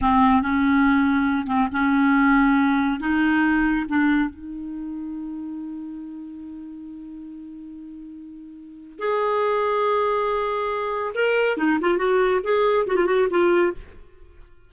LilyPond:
\new Staff \with { instrumentName = "clarinet" } { \time 4/4 \tempo 4 = 140 c'4 cis'2~ cis'8 c'8 | cis'2. dis'4~ | dis'4 d'4 dis'2~ | dis'1~ |
dis'1~ | dis'4 gis'2.~ | gis'2 ais'4 dis'8 f'8 | fis'4 gis'4 fis'16 f'16 fis'8 f'4 | }